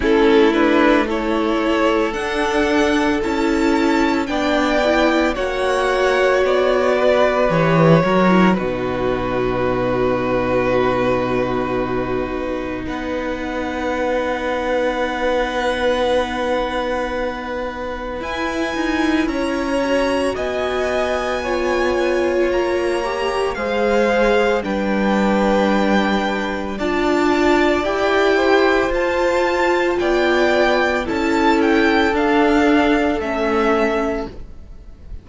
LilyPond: <<
  \new Staff \with { instrumentName = "violin" } { \time 4/4 \tempo 4 = 56 a'8 b'8 cis''4 fis''4 a''4 | g''4 fis''4 d''4 cis''4 | b'1 | fis''1~ |
fis''4 gis''4 ais''4 gis''4~ | gis''4 ais''4 f''4 g''4~ | g''4 a''4 g''4 a''4 | g''4 a''8 g''8 f''4 e''4 | }
  \new Staff \with { instrumentName = "violin" } { \time 4/4 e'4 a'2. | d''4 cis''4. b'4 ais'8 | fis'1 | b'1~ |
b'2 cis''4 dis''4 | cis''2 c''4 b'4~ | b'4 d''4. c''4. | d''4 a'2. | }
  \new Staff \with { instrumentName = "viola" } { \time 4/4 cis'8 d'8 e'4 d'4 e'4 | d'8 e'8 fis'2 g'8 fis'16 e'16 | dis'1~ | dis'1~ |
dis'4 e'4. fis'4. | f'4. g'8 gis'4 d'4~ | d'4 f'4 g'4 f'4~ | f'4 e'4 d'4 cis'4 | }
  \new Staff \with { instrumentName = "cello" } { \time 4/4 a2 d'4 cis'4 | b4 ais4 b4 e8 fis8 | b,1 | b1~ |
b4 e'8 dis'8 cis'4 b4~ | b4 ais4 gis4 g4~ | g4 d'4 e'4 f'4 | b4 cis'4 d'4 a4 | }
>>